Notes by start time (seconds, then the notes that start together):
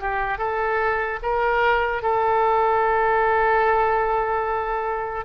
0.00 G4
0.38 A4
1.23 A#4
2.03 A4